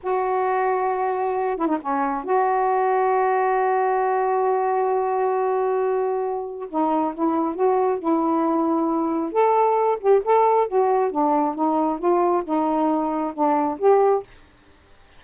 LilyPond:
\new Staff \with { instrumentName = "saxophone" } { \time 4/4 \tempo 4 = 135 fis'2.~ fis'8 e'16 dis'16 | cis'4 fis'2.~ | fis'1~ | fis'2. dis'4 |
e'4 fis'4 e'2~ | e'4 a'4. g'8 a'4 | fis'4 d'4 dis'4 f'4 | dis'2 d'4 g'4 | }